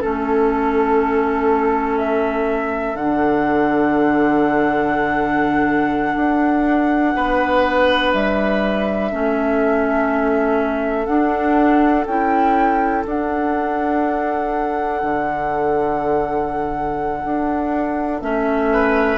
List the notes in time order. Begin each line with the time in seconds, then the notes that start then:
0.00 A3 C#4 A4
1.98 E5
2.94 D3 D4 F#5
6.16 D4
7.15 B3 B4
8.12 G3 E5
9.11 A3 C#4 A4
11.06 D4 F#5
12.06 C#4 E4 G5
13.05 D4 F#5
15.02 D3
17.24 D4
18.21 A3 C#4 E5
18.73 B4